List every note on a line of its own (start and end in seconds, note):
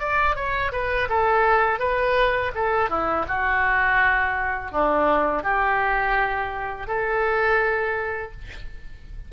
0.00 0.36 D5
0.36 0.72 C#5
0.73 1.09 B4
1.09 1.80 A4
1.80 2.52 B4
2.55 2.90 A4
2.90 3.26 E4
3.28 4.72 F#4
4.72 5.44 D4
5.44 6.87 G4
6.87 8.32 A4